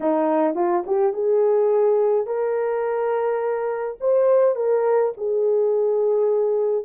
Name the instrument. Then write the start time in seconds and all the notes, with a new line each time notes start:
horn
0.00 D#4
0.55 F4
0.86 G4
1.13 G#4
2.26 A#4
4.00 C5
4.55 A#4
5.17 G#4